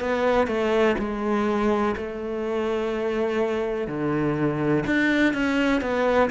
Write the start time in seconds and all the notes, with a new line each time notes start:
0.00 B3
0.48 A3
0.99 G#3
1.97 A3
3.88 D3
4.87 D4
5.34 C#4
5.82 B3